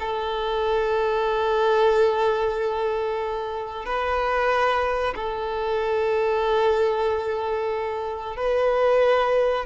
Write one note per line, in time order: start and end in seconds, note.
0.00 3.85 A4
3.85 5.14 B4
5.16 8.37 A4
8.37 9.66 B4